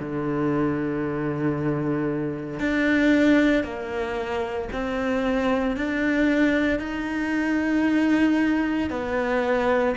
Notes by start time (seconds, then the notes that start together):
0.00 D3
2.60 D4
3.64 A#3
4.73 C4
5.77 D4
6.80 D#4
8.90 B3